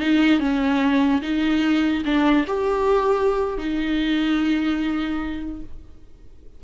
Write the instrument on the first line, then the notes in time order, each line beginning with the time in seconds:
viola
0.00 D#4
0.40 C#4
1.22 D#4
2.05 D4
2.47 G4
3.58 D#4